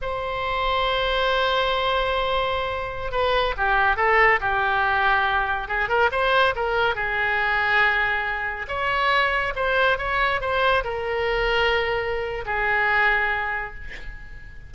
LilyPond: \new Staff \with { instrumentName = "oboe" } { \time 4/4 \tempo 4 = 140 c''1~ | c''2.~ c''16 b'8.~ | b'16 g'4 a'4 g'4.~ g'16~ | g'4~ g'16 gis'8 ais'8 c''4 ais'8.~ |
ais'16 gis'2.~ gis'8.~ | gis'16 cis''2 c''4 cis''8.~ | cis''16 c''4 ais'2~ ais'8.~ | ais'4 gis'2. | }